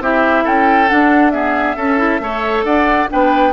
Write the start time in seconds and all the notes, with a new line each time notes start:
0.00 C4 E4 G4 E5
0.44 C#4 A4 G5
0.89 D4 F#5
1.31 B3 G#4 E5
1.76 C#4 A4
1.98 E4
2.20 A3 A4 C#5
2.64 D4 D5 F#5
3.08 B3 D4 B4 G5